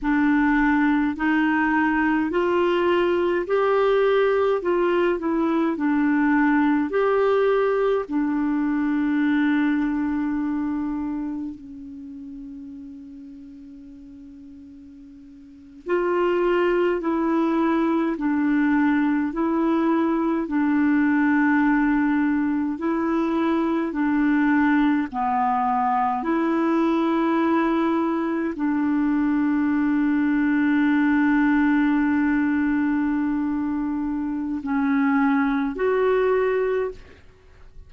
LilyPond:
\new Staff \with { instrumentName = "clarinet" } { \time 4/4 \tempo 4 = 52 d'4 dis'4 f'4 g'4 | f'8 e'8 d'4 g'4 d'4~ | d'2 cis'2~ | cis'4.~ cis'16 f'4 e'4 d'16~ |
d'8. e'4 d'2 e'16~ | e'8. d'4 b4 e'4~ e'16~ | e'8. d'2.~ d'16~ | d'2 cis'4 fis'4 | }